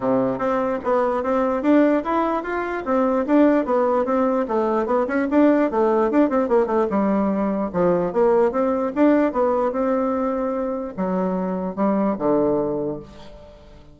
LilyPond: \new Staff \with { instrumentName = "bassoon" } { \time 4/4 \tempo 4 = 148 c4 c'4 b4 c'4 | d'4 e'4 f'4 c'4 | d'4 b4 c'4 a4 | b8 cis'8 d'4 a4 d'8 c'8 |
ais8 a8 g2 f4 | ais4 c'4 d'4 b4 | c'2. fis4~ | fis4 g4 d2 | }